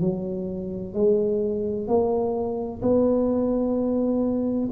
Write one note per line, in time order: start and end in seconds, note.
0.00 0.94 F#3
0.94 1.87 G#3
1.87 2.81 A#3
2.82 4.69 B3